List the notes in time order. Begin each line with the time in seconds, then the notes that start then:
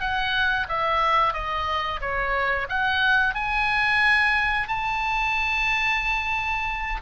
0.00 F#5
0.68 E5
1.33 D#5
2.01 C#5
2.69 F#5
3.35 G#5
4.68 A5